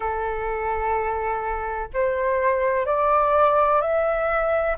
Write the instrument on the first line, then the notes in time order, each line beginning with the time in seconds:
flute
0.00 A4
1.93 C5
2.86 D5
3.81 E5